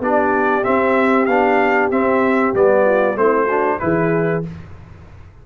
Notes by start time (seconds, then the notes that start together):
0.00 B3 D4 G4 D5
0.63 C4 E5
1.25 B3 D4 F5
1.90 C4 E5
2.54 G3 B3 D5
2.85 F4
3.15 A3 C4 E4 C5
3.46 D4 F#4
3.79 E3 E4 G#4 B4